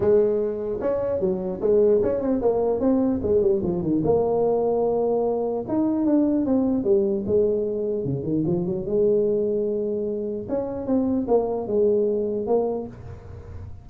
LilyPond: \new Staff \with { instrumentName = "tuba" } { \time 4/4 \tempo 4 = 149 gis2 cis'4 fis4 | gis4 cis'8 c'8 ais4 c'4 | gis8 g8 f8 dis8 ais2~ | ais2 dis'4 d'4 |
c'4 g4 gis2 | cis8 dis8 f8 fis8 gis2~ | gis2 cis'4 c'4 | ais4 gis2 ais4 | }